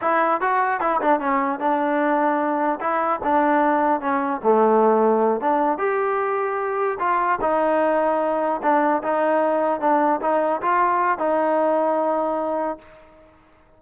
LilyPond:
\new Staff \with { instrumentName = "trombone" } { \time 4/4 \tempo 4 = 150 e'4 fis'4 e'8 d'8 cis'4 | d'2. e'4 | d'2 cis'4 a4~ | a4. d'4 g'4.~ |
g'4. f'4 dis'4.~ | dis'4. d'4 dis'4.~ | dis'8 d'4 dis'4 f'4. | dis'1 | }